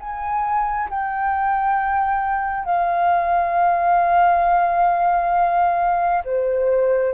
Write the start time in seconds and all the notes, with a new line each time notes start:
0.00 G#5
0.90 G5
2.65 F5
6.25 C5